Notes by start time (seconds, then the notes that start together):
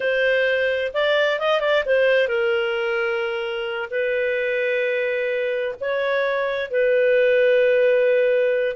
0.00 C5
0.93 D5
1.39 D#5
1.60 D5
1.85 C5
2.28 A#4
3.90 B4
5.80 C#5
6.70 B4